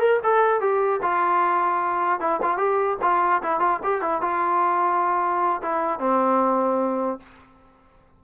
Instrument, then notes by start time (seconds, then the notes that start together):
trombone
0.00 A#4
0.23 A4
0.61 G4
1.02 F4
2.20 E4
2.42 F4
2.57 G4
3.02 F4
3.43 E4
3.60 F4
3.83 G4
4.01 E4
4.21 F4
5.62 E4
5.99 C4